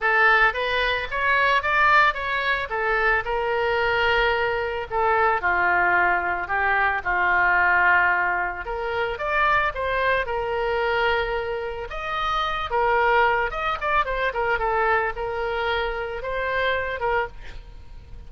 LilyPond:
\new Staff \with { instrumentName = "oboe" } { \time 4/4 \tempo 4 = 111 a'4 b'4 cis''4 d''4 | cis''4 a'4 ais'2~ | ais'4 a'4 f'2 | g'4 f'2. |
ais'4 d''4 c''4 ais'4~ | ais'2 dis''4. ais'8~ | ais'4 dis''8 d''8 c''8 ais'8 a'4 | ais'2 c''4. ais'8 | }